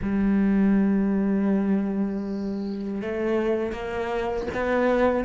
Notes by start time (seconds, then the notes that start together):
0.02 G3
3.01 A3
3.72 A#3
4.54 B3